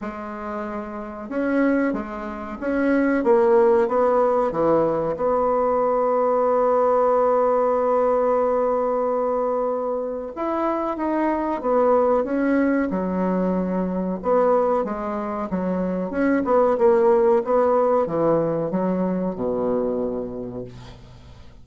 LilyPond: \new Staff \with { instrumentName = "bassoon" } { \time 4/4 \tempo 4 = 93 gis2 cis'4 gis4 | cis'4 ais4 b4 e4 | b1~ | b1 |
e'4 dis'4 b4 cis'4 | fis2 b4 gis4 | fis4 cis'8 b8 ais4 b4 | e4 fis4 b,2 | }